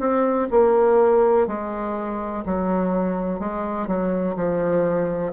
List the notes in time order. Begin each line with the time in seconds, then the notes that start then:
0.00 C4
0.51 A#3
1.47 G#3
2.45 F#3
3.40 G#3
3.88 F#3
4.36 F3